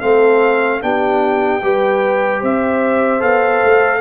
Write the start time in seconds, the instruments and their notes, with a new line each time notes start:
0.00 tuba A3, trombone C4, horn A4, trumpet F5
0.82 tuba B3, trombone D4, horn G4, trumpet G5
1.63 tuba G3, trombone G4, horn B4
2.41 tuba C4, horn C5, trumpet E5
3.20 tuba B3, trombone A4, trumpet F5
3.65 tuba A3